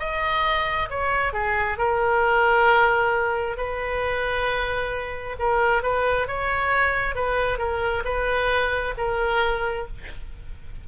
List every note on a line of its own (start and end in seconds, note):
0.00 0.90 D#5
0.90 1.34 C#5
1.34 1.78 G#4
1.78 3.57 A#4
3.57 5.36 B4
5.39 5.83 A#4
5.83 6.28 B4
6.28 7.15 C#5
7.15 7.59 B4
7.59 8.04 A#4
8.05 8.94 B4
8.98 9.88 A#4